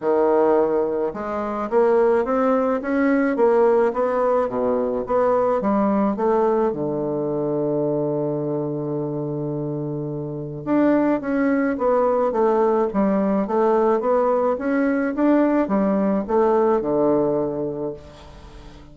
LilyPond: \new Staff \with { instrumentName = "bassoon" } { \time 4/4 \tempo 4 = 107 dis2 gis4 ais4 | c'4 cis'4 ais4 b4 | b,4 b4 g4 a4 | d1~ |
d2. d'4 | cis'4 b4 a4 g4 | a4 b4 cis'4 d'4 | g4 a4 d2 | }